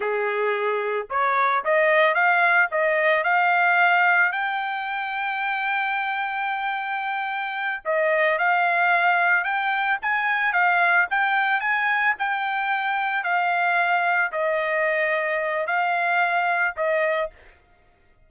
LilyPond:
\new Staff \with { instrumentName = "trumpet" } { \time 4/4 \tempo 4 = 111 gis'2 cis''4 dis''4 | f''4 dis''4 f''2 | g''1~ | g''2~ g''8 dis''4 f''8~ |
f''4. g''4 gis''4 f''8~ | f''8 g''4 gis''4 g''4.~ | g''8 f''2 dis''4.~ | dis''4 f''2 dis''4 | }